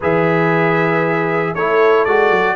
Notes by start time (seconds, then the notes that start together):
0.00 E3 G#4 B4 E5
1.53 A3 E4 A4 C#5
2.05 G#3 F#4 D5
2.30 F#3